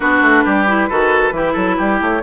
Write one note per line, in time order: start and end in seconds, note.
0.00 0.21 B3
0.00 0.67 D4
0.00 0.44 F#4
0.00 1.98 B4
0.21 0.43 A3
0.44 0.90 G3
0.44 0.88 G4
0.67 0.89 E4
0.89 1.31 D#3
0.89 1.32 F#4
0.89 1.33 A4
1.31 1.53 E3
1.31 2.21 E4
1.31 1.52 G4
1.52 1.78 F#3
1.52 1.74 A4
1.77 2.00 G3
1.77 2.22 G4
2.00 2.22 A3
2.00 2.22 C#5